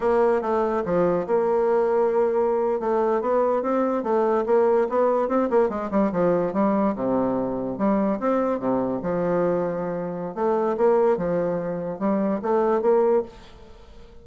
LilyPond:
\new Staff \with { instrumentName = "bassoon" } { \time 4/4 \tempo 4 = 145 ais4 a4 f4 ais4~ | ais2~ ais8. a4 b16~ | b8. c'4 a4 ais4 b16~ | b8. c'8 ais8 gis8 g8 f4 g16~ |
g8. c2 g4 c'16~ | c'8. c4 f2~ f16~ | f4 a4 ais4 f4~ | f4 g4 a4 ais4 | }